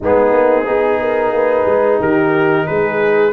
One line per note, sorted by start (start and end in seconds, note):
0.00 0.32 G#3
0.00 0.65 B3
0.00 0.66 D#4
0.00 2.01 G#4
0.32 0.65 A#3
0.65 1.31 B3
0.65 3.31 D#4
0.65 0.99 G#4
1.01 1.34 A#4
1.31 1.65 A#3
1.31 1.99 B4
1.65 1.99 G#3
1.99 2.66 D#3
1.99 2.66 G4
1.99 2.66 A#4
2.66 3.32 G#3
2.66 3.32 G#4
2.66 3.32 B4